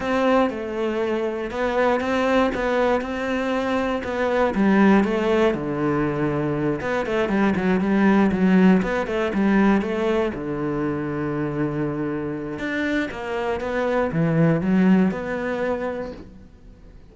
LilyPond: \new Staff \with { instrumentName = "cello" } { \time 4/4 \tempo 4 = 119 c'4 a2 b4 | c'4 b4 c'2 | b4 g4 a4 d4~ | d4. b8 a8 g8 fis8 g8~ |
g8 fis4 b8 a8 g4 a8~ | a8 d2.~ d8~ | d4 d'4 ais4 b4 | e4 fis4 b2 | }